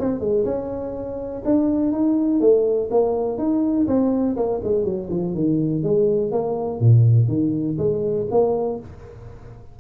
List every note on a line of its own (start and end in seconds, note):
0.00 0.20 C4
0.20 0.45 G#3
0.45 1.43 C#4
1.45 1.92 D4
1.92 2.41 D#4
2.41 2.90 A3
2.91 3.38 A#3
3.38 3.87 D#4
3.88 4.37 C4
4.37 4.61 A#3
4.64 4.85 G#3
4.85 5.09 F#3
5.10 5.35 F3
5.35 5.84 D#3
5.84 6.32 G#3
6.32 6.80 A#3
6.80 7.28 A#2
7.28 7.77 D#3
7.78 8.27 G#3
8.31 8.80 A#3